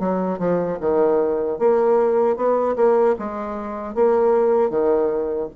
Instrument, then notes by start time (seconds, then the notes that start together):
bassoon
0.00 F#3
0.39 F3
0.81 D#3
1.59 A#3
2.37 B3
2.77 A#3
3.19 G#3
3.95 A#3
4.71 D#3